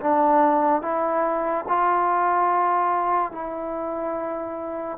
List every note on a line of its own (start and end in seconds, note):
0.00 0.81 D4
0.81 1.65 E4
1.68 3.31 F4
3.31 4.98 E4